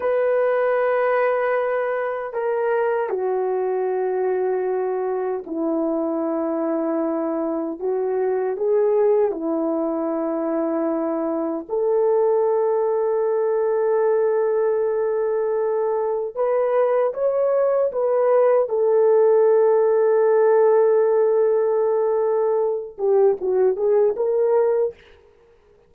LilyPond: \new Staff \with { instrumentName = "horn" } { \time 4/4 \tempo 4 = 77 b'2. ais'4 | fis'2. e'4~ | e'2 fis'4 gis'4 | e'2. a'4~ |
a'1~ | a'4 b'4 cis''4 b'4 | a'1~ | a'4. g'8 fis'8 gis'8 ais'4 | }